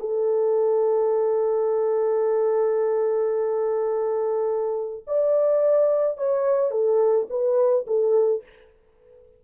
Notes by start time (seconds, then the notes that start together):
0.00 A4
5.07 D5
6.18 C#5
6.71 A4
7.30 B4
7.88 A4